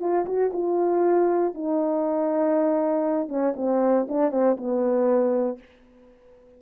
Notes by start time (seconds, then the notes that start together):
0.00 F4
0.26 F#4
0.53 F4
1.54 D#4
3.29 C#4
3.56 C4
4.09 D4
4.31 C4
4.57 B3